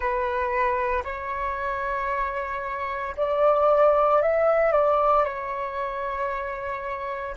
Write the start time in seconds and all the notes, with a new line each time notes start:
0.00 B4
1.04 C#5
3.16 D5
4.22 E5
4.71 D5
5.24 C#5